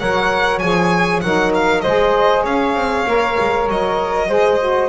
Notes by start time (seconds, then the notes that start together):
0.00 F#3 A#4 C#5 F#5
0.59 F3 G#4 G#5
1.22 F#3 D#4 A#4 F#5
1.55 F5
1.81 G#3 G#4 C5 D#5
2.43 C#4 C#5 F5
2.75 C4
3.07 A#3 A#4
3.40 G#3
3.69 F#3 D#5
4.29 G#3 G#4 C5
4.61 F#4